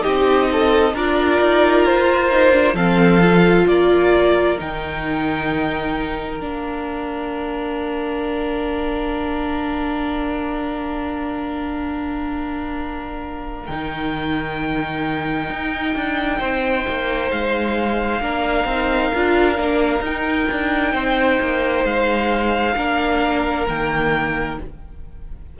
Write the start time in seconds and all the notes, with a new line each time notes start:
0.00 D#4 G4 D#5
0.06 C4
0.52 A4
0.94 D4 F4 A#4 D5
1.41 D#4
1.86 F4 C5
2.31 D#4
2.52 D4
2.74 F3 C4 A4 F5
3.22 F4
3.67 A#3 A#4 D5
4.58 D#3 D#4 G5
6.40 A#3 D4 F5
13.66 D#3 D#4 G5
15.50 D#4
15.95 D4
16.40 C4 C5
16.88 A#3
17.31 G#3 F5
18.20 A#3 D4 A#4
18.65 C4 D#4
19.14 D4 F4
19.55 A#3 D4
20.00 D#4 G5
20.07 D#4
20.51 D4
20.93 C4 C5
21.41 A#3
21.85 G#3 F5
22.76 A#3 D4 A#4
23.68 D#3 A#3 G5